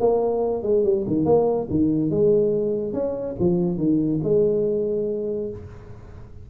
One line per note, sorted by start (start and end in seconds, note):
0.00 0.63 A#3
0.63 0.84 G#3
0.84 1.05 G3
1.07 1.25 D#3
1.25 1.67 A#3
1.70 2.10 D#3
2.10 2.93 G#3
2.93 3.36 C#4
3.39 3.78 F3
3.78 4.20 D#3
4.23 5.50 G#3